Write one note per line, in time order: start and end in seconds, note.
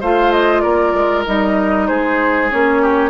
0.00 0.64 A3
0.00 1.26 F4
0.00 0.62 C5
0.00 0.32 F5
0.32 0.60 D#5
0.60 0.93 A#3
0.60 1.87 A#4
0.60 1.23 D5
0.93 1.25 G#3
1.26 1.89 G3
1.26 2.50 D#4
1.26 1.87 D#5
1.87 2.52 G#3
1.87 2.82 G#4
1.87 2.49 C5
2.50 3.10 A#3
2.50 3.10 C#4
2.50 3.10 C#5
2.82 3.10 G4